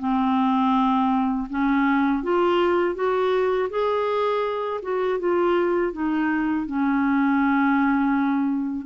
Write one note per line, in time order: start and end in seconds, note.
0.00 1.48 C4
1.50 2.24 C#4
2.24 2.95 F4
2.95 3.69 F#4
3.70 4.81 G#4
4.83 5.20 F#4
5.20 5.93 F4
5.93 6.67 D#4
6.67 8.87 C#4